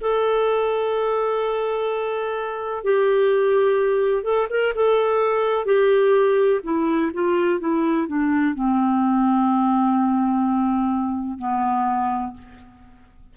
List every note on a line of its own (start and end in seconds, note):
0.00 2.84 A4
2.84 4.23 G4
4.23 4.47 A4
4.49 4.73 A#4
4.74 5.65 A4
5.65 6.60 G4
6.63 7.11 E4
7.13 7.59 F4
7.59 8.07 E4
8.07 8.54 D4
8.54 11.38 C4
11.38 12.33 B3